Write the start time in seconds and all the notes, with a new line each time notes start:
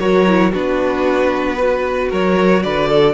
0.00 F#3 F#4 A#4 C#5
0.28 E4
0.52 B3 D4 F#4 B4
1.57 F#4 B4
2.11 F#3 A#4 C#5
2.63 D3 B4 D5
2.90 A4